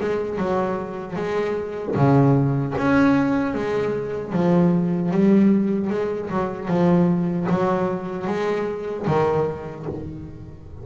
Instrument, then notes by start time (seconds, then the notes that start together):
double bass
0.00 G#3
0.38 F#3
1.16 G#3
1.96 C#3
2.77 C#4
3.54 G#3
4.33 F3
5.12 G3
5.90 G#3
6.30 F#3
6.68 F3
7.50 F#3
8.27 G#3
9.07 D#3